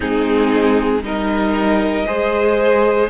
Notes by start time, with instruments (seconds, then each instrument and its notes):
0.00 cello G#3, viola C4, violin D#4 G#4
1.02 cello G3, viola D#4, violin A#4 D#5
2.06 cello G#3, viola G#4, violin C5